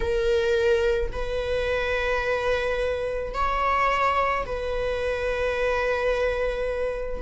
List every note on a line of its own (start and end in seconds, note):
0.00 1.11 A#4
1.12 3.34 B4
3.34 4.45 C#5
4.45 7.21 B4